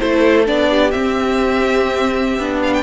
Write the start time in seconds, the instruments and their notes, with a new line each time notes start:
0.00 cello A3, viola E4, violin A4 C5
0.46 cello B3, viola D4, violin D5
0.69 violin G4
0.91 viola C4, cello C4, violin E5
2.39 cello B3, viola D4
2.63 violin F5
2.74 violin G5